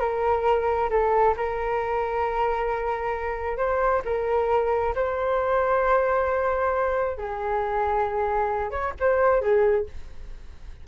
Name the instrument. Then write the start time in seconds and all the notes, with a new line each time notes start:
flute
0.00 A#4
0.90 A4
1.37 A#4
3.57 C5
4.05 A#4
4.95 C5
7.18 G#4
8.71 C#5
9.00 C5
9.41 G#4